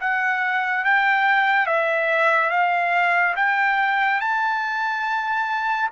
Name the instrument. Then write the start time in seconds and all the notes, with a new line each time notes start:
trumpet
0.00 F#5
0.84 G5
1.66 E5
2.50 F5
3.36 G5
4.20 A5